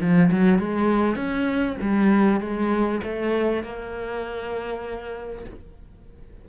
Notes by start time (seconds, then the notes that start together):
0.00 F3
0.31 F#3
0.58 G#3
1.15 C#4
1.81 G3
2.40 G#3
3.03 A3
3.63 A#3